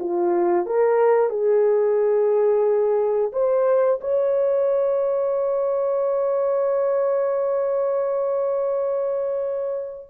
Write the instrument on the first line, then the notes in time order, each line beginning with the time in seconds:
horn
0.00 F4
0.66 A#4
1.30 G#4
3.33 C5
4.01 C#5